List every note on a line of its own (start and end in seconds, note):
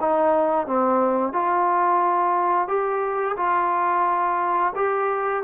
0.00 0.66 D#4
0.66 1.32 C4
1.32 2.67 F4
2.67 3.36 G4
3.36 4.73 F4
4.75 5.43 G4